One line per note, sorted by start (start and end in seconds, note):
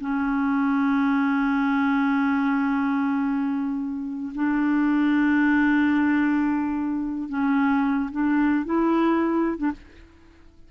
0.00 4.32 C#4
4.34 7.29 D4
7.29 8.10 C#4
8.11 8.65 D4
8.65 9.57 E4
9.57 9.71 D4